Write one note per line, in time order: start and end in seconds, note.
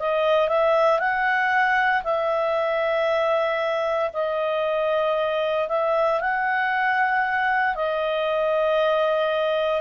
0.00 0.49 D#5
0.49 1.00 E5
1.00 2.03 F#5
2.04 4.11 E5
4.14 5.69 D#5
5.69 6.21 E5
6.21 7.75 F#5
7.75 9.81 D#5